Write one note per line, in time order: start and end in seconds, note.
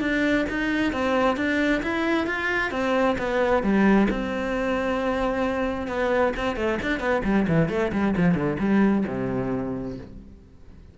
0.00 0.45 D4
0.49 0.92 D#4
0.92 1.37 C4
1.37 1.82 D4
1.83 2.26 E4
2.26 2.71 F4
2.71 3.16 C4
3.18 3.63 B3
3.63 4.08 G3
4.10 5.87 C4
5.87 6.32 B3
6.36 6.56 C4
6.56 6.79 A3
6.82 6.99 D4
6.99 7.22 B3
7.24 7.46 G3
7.48 7.69 E3
7.69 7.91 A3
7.92 8.14 G3
8.17 8.34 F3
8.34 8.57 D3
8.59 9.04 G3
9.07 9.97 C3